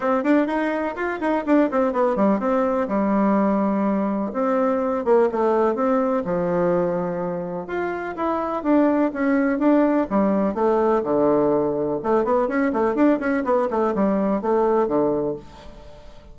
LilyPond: \new Staff \with { instrumentName = "bassoon" } { \time 4/4 \tempo 4 = 125 c'8 d'8 dis'4 f'8 dis'8 d'8 c'8 | b8 g8 c'4 g2~ | g4 c'4. ais8 a4 | c'4 f2. |
f'4 e'4 d'4 cis'4 | d'4 g4 a4 d4~ | d4 a8 b8 cis'8 a8 d'8 cis'8 | b8 a8 g4 a4 d4 | }